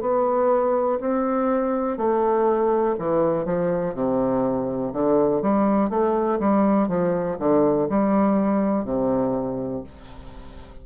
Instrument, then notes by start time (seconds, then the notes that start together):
bassoon
0.00 B3
1.00 C4
1.97 A3
2.98 E3
3.45 F3
3.94 C3
4.93 D3
5.41 G3
5.89 A3
6.39 G3
6.88 F3
7.39 D3
7.89 G3
8.84 C3